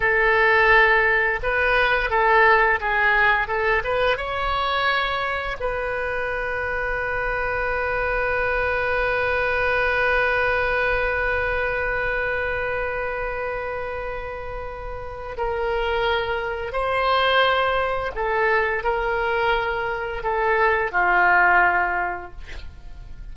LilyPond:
\new Staff \with { instrumentName = "oboe" } { \time 4/4 \tempo 4 = 86 a'2 b'4 a'4 | gis'4 a'8 b'8 cis''2 | b'1~ | b'1~ |
b'1~ | b'2 ais'2 | c''2 a'4 ais'4~ | ais'4 a'4 f'2 | }